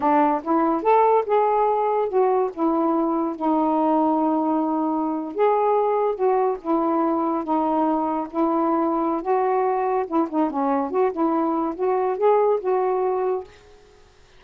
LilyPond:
\new Staff \with { instrumentName = "saxophone" } { \time 4/4 \tempo 4 = 143 d'4 e'4 a'4 gis'4~ | gis'4 fis'4 e'2 | dis'1~ | dis'8. gis'2 fis'4 e'16~ |
e'4.~ e'16 dis'2 e'16~ | e'2 fis'2 | e'8 dis'8 cis'4 fis'8 e'4. | fis'4 gis'4 fis'2 | }